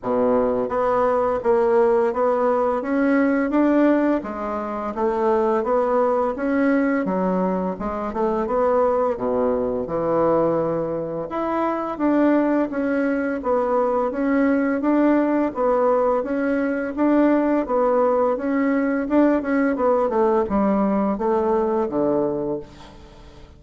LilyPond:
\new Staff \with { instrumentName = "bassoon" } { \time 4/4 \tempo 4 = 85 b,4 b4 ais4 b4 | cis'4 d'4 gis4 a4 | b4 cis'4 fis4 gis8 a8 | b4 b,4 e2 |
e'4 d'4 cis'4 b4 | cis'4 d'4 b4 cis'4 | d'4 b4 cis'4 d'8 cis'8 | b8 a8 g4 a4 d4 | }